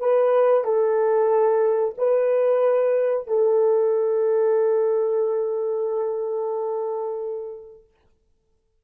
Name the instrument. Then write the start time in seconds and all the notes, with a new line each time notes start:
horn
0.00 B4
0.64 A4
1.98 B4
3.28 A4